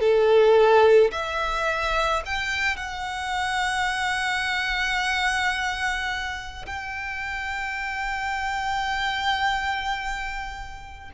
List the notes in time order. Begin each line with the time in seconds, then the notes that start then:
0.00 A4
1.12 E5
2.25 G5
2.76 F#5
6.66 G5